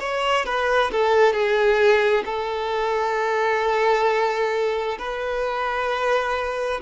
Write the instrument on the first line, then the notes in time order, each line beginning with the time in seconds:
violin
0.00 C#5
0.45 B4
0.92 A4
1.33 G#4
2.25 A4
4.99 B4